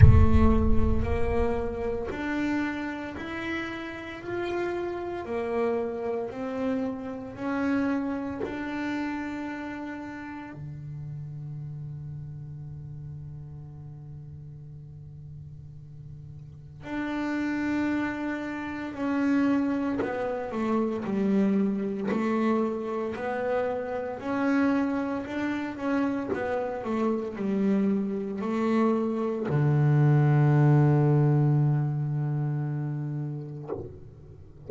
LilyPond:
\new Staff \with { instrumentName = "double bass" } { \time 4/4 \tempo 4 = 57 a4 ais4 d'4 e'4 | f'4 ais4 c'4 cis'4 | d'2 d2~ | d1 |
d'2 cis'4 b8 a8 | g4 a4 b4 cis'4 | d'8 cis'8 b8 a8 g4 a4 | d1 | }